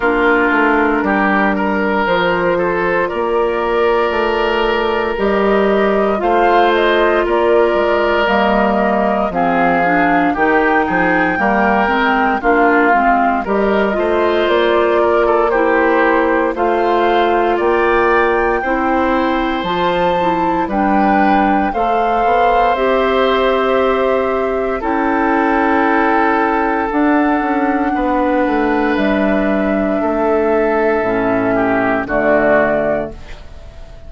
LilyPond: <<
  \new Staff \with { instrumentName = "flute" } { \time 4/4 \tempo 4 = 58 ais'2 c''4 d''4~ | d''4 dis''4 f''8 dis''8 d''4 | dis''4 f''4 g''2 | f''4 dis''4 d''4 c''4 |
f''4 g''2 a''4 | g''4 f''4 e''2 | g''2 fis''2 | e''2. d''4 | }
  \new Staff \with { instrumentName = "oboe" } { \time 4/4 f'4 g'8 ais'4 a'8 ais'4~ | ais'2 c''4 ais'4~ | ais'4 gis'4 g'8 gis'8 ais'4 | f'4 ais'8 c''4 ais'16 a'16 g'4 |
c''4 d''4 c''2 | b'4 c''2. | a'2. b'4~ | b'4 a'4. g'8 fis'4 | }
  \new Staff \with { instrumentName = "clarinet" } { \time 4/4 d'2 f'2~ | f'4 g'4 f'2 | ais4 c'8 d'8 dis'4 ais8 c'8 | d'8 c'8 g'8 f'4. e'4 |
f'2 e'4 f'8 e'8 | d'4 a'4 g'2 | e'2 d'2~ | d'2 cis'4 a4 | }
  \new Staff \with { instrumentName = "bassoon" } { \time 4/4 ais8 a8 g4 f4 ais4 | a4 g4 a4 ais8 gis8 | g4 f4 dis8 f8 g8 gis8 | ais8 gis8 g8 a8 ais2 |
a4 ais4 c'4 f4 | g4 a8 b8 c'2 | cis'2 d'8 cis'8 b8 a8 | g4 a4 a,4 d4 | }
>>